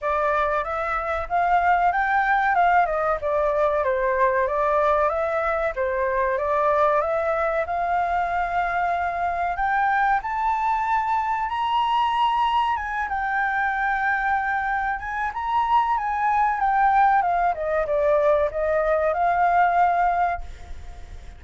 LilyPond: \new Staff \with { instrumentName = "flute" } { \time 4/4 \tempo 4 = 94 d''4 e''4 f''4 g''4 | f''8 dis''8 d''4 c''4 d''4 | e''4 c''4 d''4 e''4 | f''2. g''4 |
a''2 ais''2 | gis''8 g''2. gis''8 | ais''4 gis''4 g''4 f''8 dis''8 | d''4 dis''4 f''2 | }